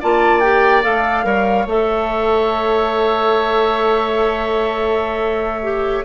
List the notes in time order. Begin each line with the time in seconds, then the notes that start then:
0.00 A#3 F4 D5 A5
0.40 G4 G5
0.82 A3 A4 F5
1.23 G3 A#4 C#5
1.65 A3 A4 E5
5.63 G4